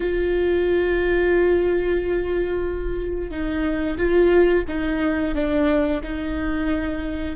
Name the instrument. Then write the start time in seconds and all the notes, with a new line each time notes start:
viola
0.00 F4
3.30 D#4
3.97 F4
4.68 D#4
5.35 D4
6.03 D#4